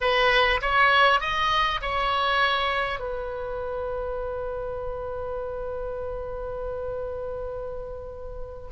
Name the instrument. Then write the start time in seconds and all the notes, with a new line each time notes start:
oboe
0.01 B4
0.61 C#5
1.20 D#5
1.81 C#5
2.99 B4